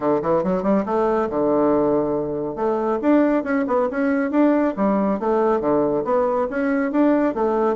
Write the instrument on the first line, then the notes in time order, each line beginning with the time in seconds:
bassoon
0.00 D3
0.22 E3
0.43 F#3
0.62 G3
0.85 A3
1.29 D3
2.55 A3
3.01 D4
3.43 C#4
3.67 B3
3.90 C#4
4.30 D4
4.76 G3
5.19 A3
5.60 D3
6.04 B3
6.50 C#4
6.91 D4
7.34 A3